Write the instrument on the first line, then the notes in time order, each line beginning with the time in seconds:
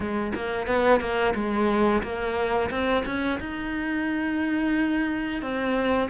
cello
0.00 G#3
0.35 A#3
0.66 B3
1.00 A#3
1.35 G#3
2.02 A#3
2.70 C4
3.05 C#4
3.40 D#4
5.41 C4